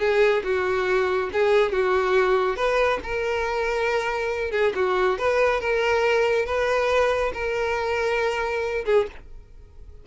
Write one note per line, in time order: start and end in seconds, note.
0.00 0.43 G#4
0.44 1.30 F#4
1.33 1.72 G#4
1.72 2.57 F#4
2.57 3.00 B4
3.04 4.52 A#4
4.52 4.73 G#4
4.76 5.19 F#4
5.19 5.61 B4
5.61 6.46 A#4
6.46 7.32 B4
7.34 8.85 A#4
8.86 9.07 G#4